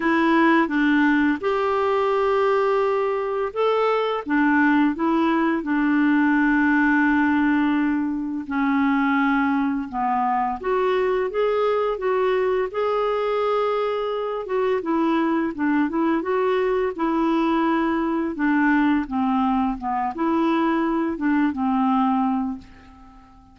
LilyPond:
\new Staff \with { instrumentName = "clarinet" } { \time 4/4 \tempo 4 = 85 e'4 d'4 g'2~ | g'4 a'4 d'4 e'4 | d'1 | cis'2 b4 fis'4 |
gis'4 fis'4 gis'2~ | gis'8 fis'8 e'4 d'8 e'8 fis'4 | e'2 d'4 c'4 | b8 e'4. d'8 c'4. | }